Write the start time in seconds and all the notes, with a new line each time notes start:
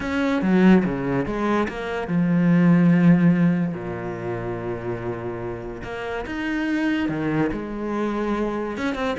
0.00 C#4
0.42 F#3
0.84 C#3
1.25 G#3
1.68 A#3
2.07 F3
3.73 A#2
5.83 A#3
6.26 D#4
7.09 D#3
7.52 G#3
8.77 C#4
8.95 C4